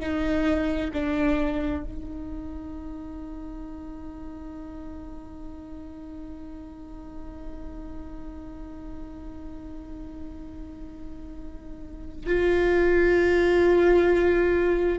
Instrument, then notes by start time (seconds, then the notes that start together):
viola
0.00 D#4
0.94 D4
1.84 D#4
12.27 F4